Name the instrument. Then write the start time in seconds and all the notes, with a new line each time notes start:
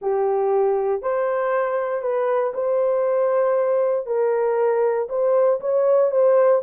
horn
0.01 G4
1.01 C5
2.02 B4
2.54 C5
4.06 A#4
5.09 C5
5.60 C#5
6.11 C5